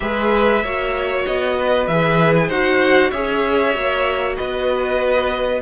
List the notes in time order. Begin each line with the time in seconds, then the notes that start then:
0.00 G#3 G#4 B4 E5
0.63 A#3 F#4 C#5
1.26 B3 D#5
1.58 B4
1.87 E3 G#4 E5
2.35 G#5
2.48 D#4 F#4 C5 F#5
3.10 C#4 G#4 C#5 E5
3.73 A#3 F#4
4.36 B3 B4 D#5